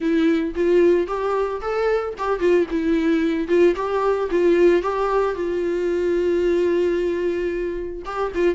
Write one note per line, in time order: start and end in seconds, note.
0.00 0.54 E4
0.55 1.07 F4
1.07 1.60 G4
1.61 2.14 A4
2.18 2.39 G4
2.39 2.66 F4
2.70 3.48 E4
3.48 3.75 F4
3.75 4.29 G4
4.31 4.82 F4
4.82 5.34 G4
5.34 8.02 F4
8.05 8.32 G4
8.34 8.55 F4